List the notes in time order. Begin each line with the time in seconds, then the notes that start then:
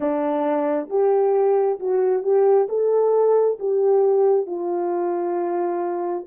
0.00 D4
0.90 G4
1.79 F#4
2.22 G4
2.68 A4
3.59 G4
4.46 F4